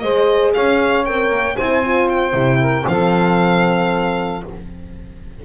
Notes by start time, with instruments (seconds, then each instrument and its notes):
0.00 double bass G#3, horn G#4, saxophone C5, violin D#5
0.54 double bass C#4, saxophone C#5, violin F5
1.05 double bass C4, horn A#4, violin G5
1.31 double bass A#3
1.56 double bass C4, horn E4, saxophone C5, violin G#5
1.84 horn F4
2.09 violin G5
2.32 double bass C3, horn E4
2.61 saxophone A#4
2.88 double bass F3, horn C4, saxophone A4, violin F5